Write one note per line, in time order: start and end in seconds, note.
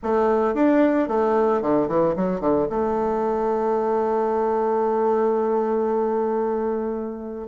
0.02 0.54 A3
0.54 1.07 D4
1.07 1.61 A3
1.61 1.87 D3
1.87 2.14 E3
2.16 2.40 F#3
2.40 2.67 D3
2.69 7.47 A3